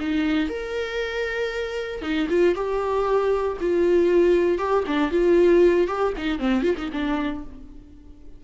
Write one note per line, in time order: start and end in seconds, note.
0.00 0.49 D#4
0.49 2.02 A#4
2.02 2.27 D#4
2.29 2.55 F4
2.55 3.58 G4
3.60 4.58 F4
4.58 4.84 G4
4.87 5.11 D4
5.11 5.87 F4
5.87 6.13 G4
6.17 6.39 D#4
6.39 6.63 C4
6.63 6.76 F4
6.77 6.90 D#4
6.93 7.44 D4